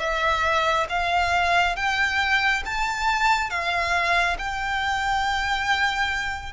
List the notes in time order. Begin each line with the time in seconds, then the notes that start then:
0.00 E5
0.89 F5
1.76 G5
2.66 A5
3.50 F5
4.39 G5